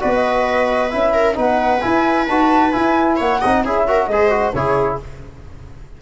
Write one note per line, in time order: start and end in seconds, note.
0.00 0.94 B3
0.00 0.91 F#4
0.00 1.13 B4
0.00 0.12 D5
0.13 0.90 D#5
0.90 1.37 C#4
0.90 1.34 E4
0.90 1.35 E5
1.13 1.36 A#4
1.34 1.83 B3
1.34 1.80 D#4
1.34 3.16 B4
1.34 1.80 F#5
1.80 2.27 E4
1.80 2.29 E4
1.80 2.26 G#5
2.27 2.74 D#4
2.27 2.72 F#4
2.27 2.71 A5
2.71 3.40 E4
2.71 3.20 E4
2.71 3.17 G#5
3.16 3.43 A#3
3.16 3.39 C#5
3.16 3.65 F#5
3.40 3.64 C4
3.40 3.65 D#4
3.40 3.63 D#5
3.64 4.08 C#4
3.64 3.87 E4
3.64 3.87 G#4
3.64 4.06 E5
3.87 4.10 F#4
3.87 4.10 A#4
4.06 4.53 G#3
4.06 4.30 G#4
4.06 4.56 C5
4.06 4.52 D#5
4.30 4.52 F#4
4.52 4.99 C#3
4.52 5.01 E4
4.52 5.01 G#4
4.52 4.98 C#5